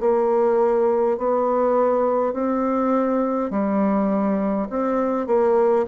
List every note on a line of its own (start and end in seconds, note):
0.00 1.17 A#3
1.17 2.33 B3
2.33 3.50 C4
3.50 4.68 G3
4.70 5.27 C4
5.27 5.86 A#3